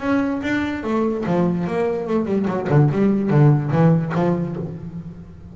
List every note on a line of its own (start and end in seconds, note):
0.00 0.41 C#4
0.42 0.83 D4
0.83 1.24 A3
1.26 1.67 F3
1.67 2.07 A#3
2.07 2.25 A3
2.25 2.46 G3
2.47 2.67 F#3
2.69 2.90 D3
2.92 3.30 G3
3.30 3.71 D3
3.71 4.12 E3
4.15 4.56 F3